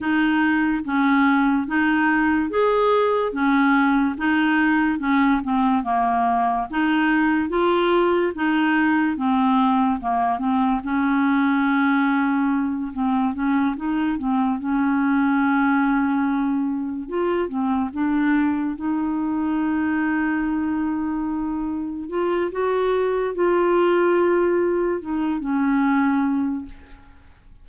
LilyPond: \new Staff \with { instrumentName = "clarinet" } { \time 4/4 \tempo 4 = 72 dis'4 cis'4 dis'4 gis'4 | cis'4 dis'4 cis'8 c'8 ais4 | dis'4 f'4 dis'4 c'4 | ais8 c'8 cis'2~ cis'8 c'8 |
cis'8 dis'8 c'8 cis'2~ cis'8~ | cis'8 f'8 c'8 d'4 dis'4.~ | dis'2~ dis'8 f'8 fis'4 | f'2 dis'8 cis'4. | }